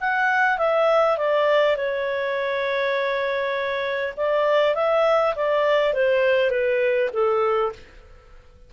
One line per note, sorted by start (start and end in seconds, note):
0.00 0.58 F#5
0.58 1.17 E5
1.17 1.76 D5
1.76 4.14 C#5
4.16 4.75 D5
4.75 5.34 E5
5.35 5.93 D5
5.93 6.50 C5
6.50 7.09 B4
7.13 7.72 A4